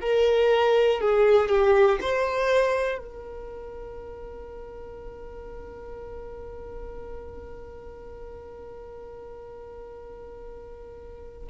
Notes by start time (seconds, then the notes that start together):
0.00 A#4
1.00 G#4
1.49 G4
2.00 C5
2.98 A#4